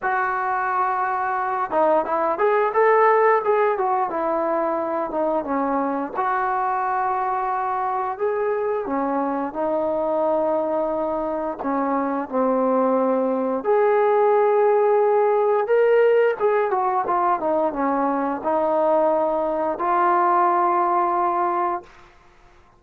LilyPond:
\new Staff \with { instrumentName = "trombone" } { \time 4/4 \tempo 4 = 88 fis'2~ fis'8 dis'8 e'8 gis'8 | a'4 gis'8 fis'8 e'4. dis'8 | cis'4 fis'2. | gis'4 cis'4 dis'2~ |
dis'4 cis'4 c'2 | gis'2. ais'4 | gis'8 fis'8 f'8 dis'8 cis'4 dis'4~ | dis'4 f'2. | }